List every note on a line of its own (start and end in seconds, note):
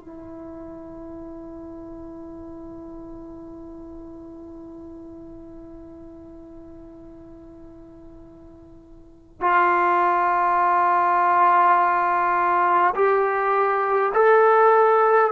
0.00 9.41 E4
9.41 12.94 F4
12.95 14.13 G4
14.14 15.32 A4